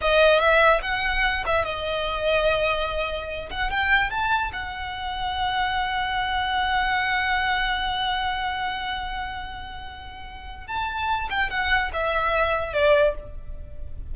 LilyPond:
\new Staff \with { instrumentName = "violin" } { \time 4/4 \tempo 4 = 146 dis''4 e''4 fis''4. e''8 | dis''1~ | dis''8 fis''8 g''4 a''4 fis''4~ | fis''1~ |
fis''1~ | fis''1~ | fis''2 a''4. g''8 | fis''4 e''2 d''4 | }